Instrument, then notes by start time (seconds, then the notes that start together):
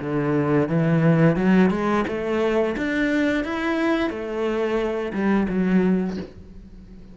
cello
0.00 D3
0.68 E3
1.36 F#3
1.70 G#3
2.07 A3
2.77 D4
3.44 E4
4.10 A3
5.13 G3
5.49 F#3